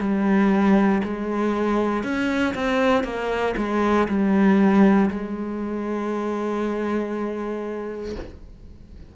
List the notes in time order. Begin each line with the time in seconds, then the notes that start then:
0.00 G3
1.04 G#3
2.03 C#4
2.55 C4
3.04 A#3
3.57 G#3
4.08 G3
5.10 G#3